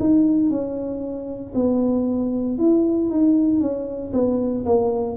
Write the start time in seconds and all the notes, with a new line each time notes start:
0.00 D#4
0.50 C#4
1.55 B3
2.59 E4
3.10 D#4
3.61 C#4
4.13 B3
4.66 A#3